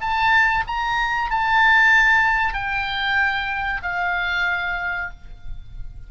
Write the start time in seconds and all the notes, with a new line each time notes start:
0.00 A5
0.67 A#5
1.30 A5
2.54 G5
3.82 F5